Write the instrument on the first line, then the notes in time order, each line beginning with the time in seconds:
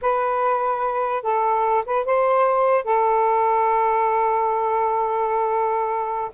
saxophone
0.01 B4
1.22 A4
1.85 B4
2.05 C5
2.84 A4